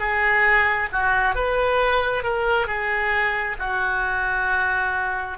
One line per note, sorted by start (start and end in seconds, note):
0.00 0.90 G#4
0.92 1.36 F#4
1.36 2.23 B4
2.23 2.67 A#4
2.67 3.57 G#4
3.59 5.39 F#4